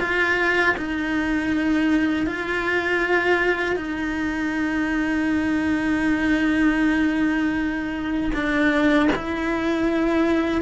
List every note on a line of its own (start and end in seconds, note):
0.00 0.76 F4
0.77 2.26 D#4
2.26 3.76 F4
3.76 8.32 D#4
8.34 9.10 D4
9.16 10.62 E4